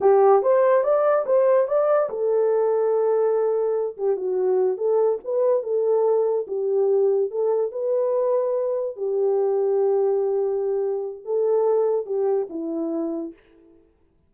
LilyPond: \new Staff \with { instrumentName = "horn" } { \time 4/4 \tempo 4 = 144 g'4 c''4 d''4 c''4 | d''4 a'2.~ | a'4. g'8 fis'4. a'8~ | a'8 b'4 a'2 g'8~ |
g'4. a'4 b'4.~ | b'4. g'2~ g'8~ | g'2. a'4~ | a'4 g'4 e'2 | }